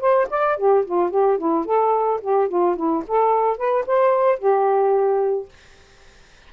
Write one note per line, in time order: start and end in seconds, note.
0.00 0.28 C5
0.30 0.57 D5
0.57 0.85 G4
0.85 1.10 F4
1.10 1.38 G4
1.38 1.65 E4
1.65 2.20 A4
2.21 2.49 G4
2.49 2.76 F4
2.76 3.04 E4
3.08 3.58 A4
3.58 3.85 B4
3.87 4.39 C5
4.39 5.49 G4